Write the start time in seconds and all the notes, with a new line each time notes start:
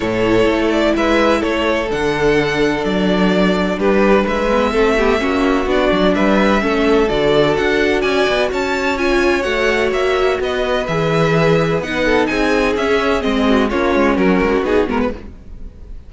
0.00 A2 E4 A4 C#5
0.46 A3
0.70 D5
0.95 G#3 B4 E5
1.40 A3 A4 C#5
1.89 D3 D4 F#5
2.84 F#3 D5
3.78 G3 G4 B4
4.23 G#3 B4 E5
4.50 B3
4.70 A3 C4 A4
4.97 B3 G4
5.18 A#3 C#4 F#4
5.66 B3 D4 D5
5.91 F#3
6.14 G3 B4 E5
6.60 A3 C#4 A4
7.08 D3 F#4 D5
7.56 D4 F#5
8.01 C#4 D5 G#5
8.28 B3
8.51 C#4 C#5 A5
8.97 F4 G#5
9.42 A3 F#4 F#5
9.91 A#3 E5
10.40 B3 B4 D#5
10.86 E3 G#4 E5
11.79 B3 D#4 F#5
12.05 A4
12.26 C4 G#4 G#5
12.76 C#4 E5
13.21 G#3 C4 D#5
13.49 F#4
13.69 A#3 C#4 F4 C#5
13.95 G#3
14.16 F#3 F#4 A#4
14.41 G#3
14.62 B3 D#4 G#4
14.87 G#3 B3 A#4
15.00 B4